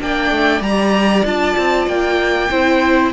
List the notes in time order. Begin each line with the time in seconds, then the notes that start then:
0.00 A#3 D4 D5 G5
0.31 A3
0.60 G3 G4 A#5
1.24 D4 F4 A5
1.58 C4
1.87 A#3 G5
2.51 C4 E4 C5